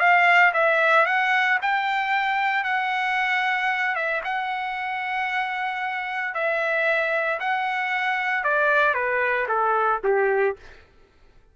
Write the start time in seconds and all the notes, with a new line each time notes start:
0.00 F5
0.54 E5
1.06 F#5
1.62 G5
2.64 F#5
3.96 E5
4.25 F#5
6.34 E5
7.40 F#5
8.44 D5
8.95 B4
9.49 A4
10.04 G4